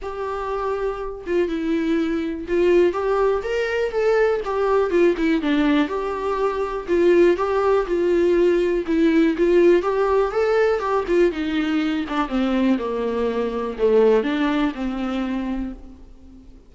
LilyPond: \new Staff \with { instrumentName = "viola" } { \time 4/4 \tempo 4 = 122 g'2~ g'8 f'8 e'4~ | e'4 f'4 g'4 ais'4 | a'4 g'4 f'8 e'8 d'4 | g'2 f'4 g'4 |
f'2 e'4 f'4 | g'4 a'4 g'8 f'8 dis'4~ | dis'8 d'8 c'4 ais2 | a4 d'4 c'2 | }